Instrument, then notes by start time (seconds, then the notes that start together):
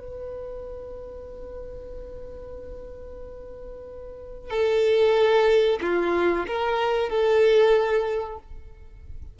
violin
0.00 B4
4.50 A4
5.82 F4
6.47 A#4
7.09 A4